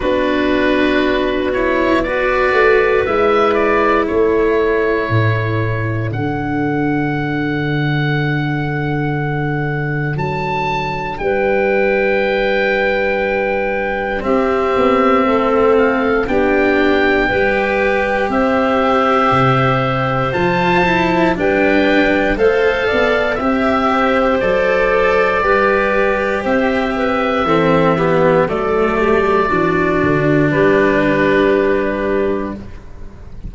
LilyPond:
<<
  \new Staff \with { instrumentName = "oboe" } { \time 4/4 \tempo 4 = 59 b'4. cis''8 d''4 e''8 d''8 | cis''2 fis''2~ | fis''2 a''4 g''4~ | g''2 e''4. f''8 |
g''2 e''2 | a''4 g''4 f''4 e''4 | d''2 e''2 | d''2 b'2 | }
  \new Staff \with { instrumentName = "clarinet" } { \time 4/4 fis'2 b'2 | a'1~ | a'2. b'4~ | b'2 g'4 a'4 |
g'4 b'4 c''2~ | c''4 b'4 c''8 d''8 e''8 c''8~ | c''4 b'4 c''8 b'8 a'8 g'8 | a'8 g'8 fis'4 g'2 | }
  \new Staff \with { instrumentName = "cello" } { \time 4/4 d'4. e'8 fis'4 e'4~ | e'2 d'2~ | d'1~ | d'2 c'2 |
d'4 g'2. | f'8 e'8 d'4 a'4 g'4 | a'4 g'2 c'8 b8 | a4 d'2. | }
  \new Staff \with { instrumentName = "tuba" } { \time 4/4 b2~ b8 a8 gis4 | a4 a,4 d2~ | d2 fis4 g4~ | g2 c'8 b8 a4 |
b4 g4 c'4 c4 | f4 g4 a8 b8 c'4 | fis4 g4 c'4 e4 | fis4 e8 d8 g2 | }
>>